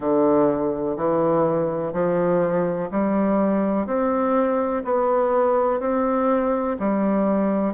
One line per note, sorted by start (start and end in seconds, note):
0.00 0.96 D3
0.96 1.93 E3
1.93 2.89 F3
2.91 3.86 G3
3.86 4.83 C4
4.84 5.80 B3
5.80 6.77 C4
6.79 7.73 G3